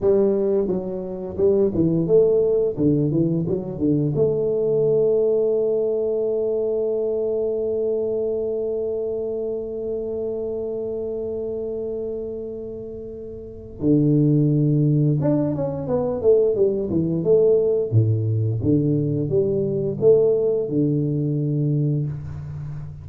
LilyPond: \new Staff \with { instrumentName = "tuba" } { \time 4/4 \tempo 4 = 87 g4 fis4 g8 e8 a4 | d8 e8 fis8 d8 a2~ | a1~ | a1~ |
a1 | d2 d'8 cis'8 b8 a8 | g8 e8 a4 a,4 d4 | g4 a4 d2 | }